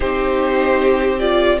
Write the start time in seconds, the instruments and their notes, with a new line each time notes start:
0.00 cello C4, viola D#4, violin G4 C5
1.19 viola F4, violin D5